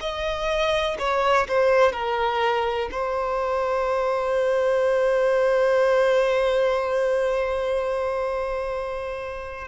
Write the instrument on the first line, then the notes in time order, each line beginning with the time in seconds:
violin
0.00 D#5
0.99 C#5
1.48 C5
1.92 A#4
2.91 C5